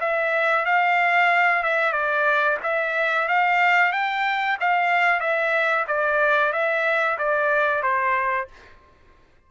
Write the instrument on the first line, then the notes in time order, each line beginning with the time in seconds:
trumpet
0.00 E5
0.65 F5
1.63 E5
1.92 D5
2.63 E5
3.28 F5
3.92 G5
4.60 F5
5.20 E5
5.87 D5
6.52 E5
7.18 D5
7.83 C5